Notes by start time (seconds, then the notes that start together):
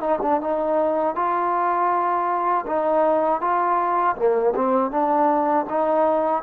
0.00 D#4
0.21 D4
0.41 D#4
1.15 F4
2.66 D#4
3.41 F4
4.16 A#3
4.55 C4
4.91 D4
5.69 D#4